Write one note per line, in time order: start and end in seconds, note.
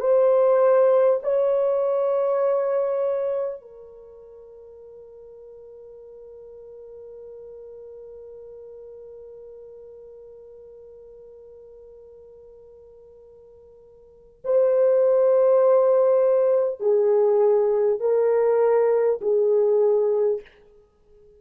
0.00 1.20 C5
1.22 3.61 C#5
3.61 14.41 A#4
14.44 16.80 C5
16.80 18.00 G#4
18.00 19.20 A#4
19.21 20.41 G#4